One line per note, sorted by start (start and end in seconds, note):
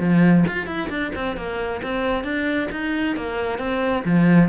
0.00 0.45 F3
0.48 0.67 F4
0.67 0.89 E4
0.89 1.12 D4
1.15 1.37 C4
1.37 1.81 A#3
1.83 2.24 C4
2.24 2.69 D4
2.72 3.16 D#4
3.16 3.59 A#3
3.59 4.03 C4
4.05 4.49 F3